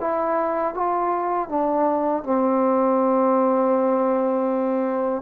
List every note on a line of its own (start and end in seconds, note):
0.00 0.74 E4
0.74 1.49 F4
1.49 2.23 D4
2.23 5.22 C4